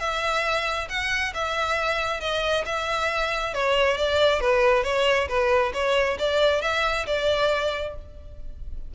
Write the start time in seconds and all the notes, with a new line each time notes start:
0.00 E5
0.89 F#5
1.34 E5
2.21 D#5
2.66 E5
3.54 C#5
3.97 D5
4.41 B4
4.84 C#5
5.28 B4
5.74 C#5
6.19 D5
6.62 E5
7.07 D5